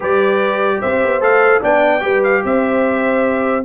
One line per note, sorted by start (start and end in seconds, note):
0.00 0.82 G3
0.00 1.20 G4
0.00 0.78 B4
0.00 0.81 D5
0.80 1.04 C4
0.80 1.61 C5
0.80 1.22 E5
1.04 1.20 B3
1.20 1.61 A3
1.20 1.61 A4
1.20 1.63 F5
1.61 2.02 B3
1.61 2.00 D4
1.61 2.01 D5
1.61 2.23 G5
2.00 2.43 G3
2.00 3.62 G4
2.00 2.43 B4
2.23 2.44 F5
2.45 3.64 C4
2.45 3.64 C5
2.45 3.64 E5